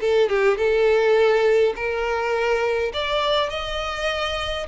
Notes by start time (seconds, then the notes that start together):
0.00 A4
0.29 G4
0.57 A4
1.75 A#4
2.93 D5
3.50 D#5